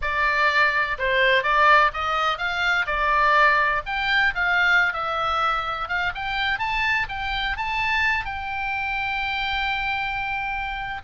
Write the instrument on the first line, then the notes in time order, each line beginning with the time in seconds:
oboe
0.01 D5
0.98 C5
1.43 D5
1.93 D#5
2.37 F5
2.86 D5
3.86 G5
4.34 F5
4.93 E5
5.88 F5
6.14 G5
6.59 A5
7.08 G5
7.56 A5
8.25 G5